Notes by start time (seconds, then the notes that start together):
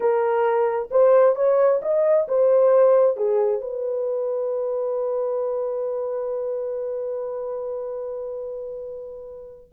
0.00 A#4
0.90 C5
1.35 C#5
1.82 D#5
2.28 C5
3.17 G#4
3.61 B4